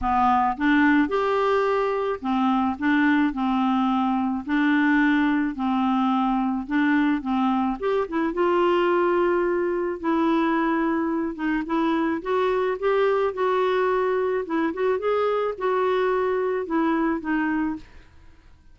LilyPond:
\new Staff \with { instrumentName = "clarinet" } { \time 4/4 \tempo 4 = 108 b4 d'4 g'2 | c'4 d'4 c'2 | d'2 c'2 | d'4 c'4 g'8 e'8 f'4~ |
f'2 e'2~ | e'8 dis'8 e'4 fis'4 g'4 | fis'2 e'8 fis'8 gis'4 | fis'2 e'4 dis'4 | }